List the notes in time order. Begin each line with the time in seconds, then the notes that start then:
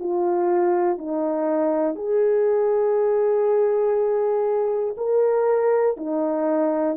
0.00 F4
0.98 D#4
1.96 G#4
4.97 A#4
5.97 D#4